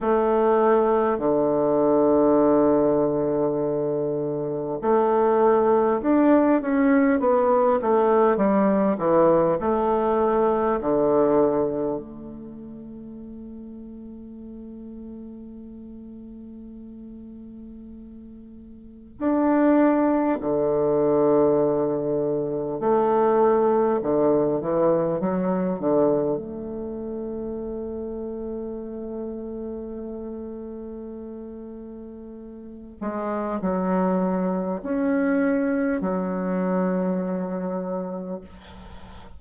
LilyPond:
\new Staff \with { instrumentName = "bassoon" } { \time 4/4 \tempo 4 = 50 a4 d2. | a4 d'8 cis'8 b8 a8 g8 e8 | a4 d4 a2~ | a1 |
d'4 d2 a4 | d8 e8 fis8 d8 a2~ | a2.~ a8 gis8 | fis4 cis'4 fis2 | }